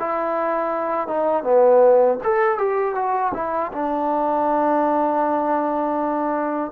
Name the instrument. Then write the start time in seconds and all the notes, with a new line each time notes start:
trombone
0.00 E4
1.08 D#4
1.44 B3
2.24 A4
2.59 G4
2.95 F#4
3.34 E4
3.73 D4